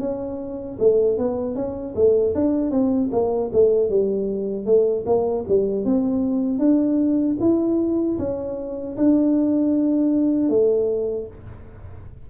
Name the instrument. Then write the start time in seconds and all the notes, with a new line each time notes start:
tuba
0.00 C#4
0.79 A3
1.18 B3
1.56 C#4
1.96 A3
2.35 D4
2.71 C4
3.12 A#3
3.53 A3
3.90 G3
4.66 A3
5.06 A#3
5.49 G3
5.85 C4
6.59 D4
7.41 E4
8.19 C#4
8.97 D4
10.50 A3